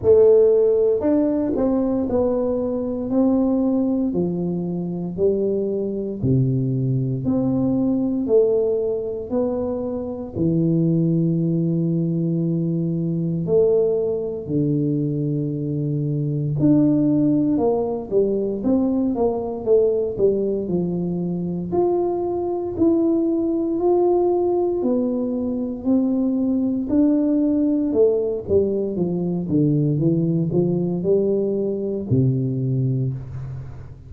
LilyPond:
\new Staff \with { instrumentName = "tuba" } { \time 4/4 \tempo 4 = 58 a4 d'8 c'8 b4 c'4 | f4 g4 c4 c'4 | a4 b4 e2~ | e4 a4 d2 |
d'4 ais8 g8 c'8 ais8 a8 g8 | f4 f'4 e'4 f'4 | b4 c'4 d'4 a8 g8 | f8 d8 e8 f8 g4 c4 | }